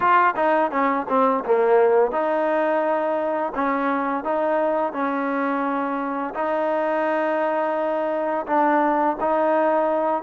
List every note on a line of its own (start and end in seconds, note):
0.00 0.34 F4
0.35 0.71 D#4
0.71 1.06 C#4
1.08 1.43 C4
1.44 2.11 A#3
2.11 3.52 D#4
3.54 4.24 C#4
4.24 4.93 D#4
4.93 6.34 C#4
6.34 8.45 D#4
8.46 9.16 D4
9.20 10.22 D#4